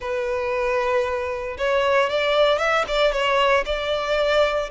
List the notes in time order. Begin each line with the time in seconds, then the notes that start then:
0.00 B4
1.57 C#5
2.09 D5
2.58 E5
2.87 D5
3.12 C#5
3.65 D5